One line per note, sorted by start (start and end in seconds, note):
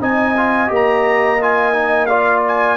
0.00 0.70 C4
0.00 0.35 D#4
0.00 2.09 D#5
0.00 0.72 G#5
0.37 0.68 F4
0.68 2.77 A#3
0.68 1.38 G4
0.75 1.43 A#5
1.42 1.73 F4
1.42 2.06 G#5
1.73 2.08 D#4
2.06 2.77 F4
2.06 2.77 D5
2.06 2.41 F5
2.48 2.77 G#5